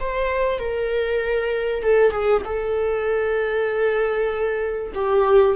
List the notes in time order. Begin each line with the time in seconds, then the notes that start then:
0.00 C5
0.59 A#4
1.83 A4
2.11 G#4
2.45 A4
4.95 G4